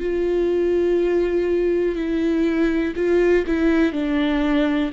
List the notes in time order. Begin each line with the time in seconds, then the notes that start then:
0.00 F4
1.95 E4
2.96 F4
3.46 E4
3.92 D4